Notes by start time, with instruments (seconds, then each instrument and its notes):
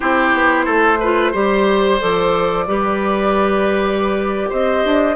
0.00 bassoon C4, clarinet E4, oboe G4, flute C5
0.33 bassoon B3
0.65 bassoon A3, oboe A4
0.99 clarinet F4, oboe B4
1.32 bassoon G3, clarinet G4, oboe C5
1.99 bassoon F3, clarinet A4, flute D5
2.67 bassoon G3, clarinet G4, oboe B4
4.49 bassoon C4, oboe C5, flute D#5
4.85 bassoon D4